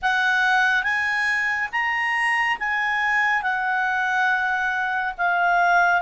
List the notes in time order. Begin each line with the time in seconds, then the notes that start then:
0.02 F#5
0.83 G#5
1.71 A#5
2.59 G#5
3.42 F#5
5.17 F5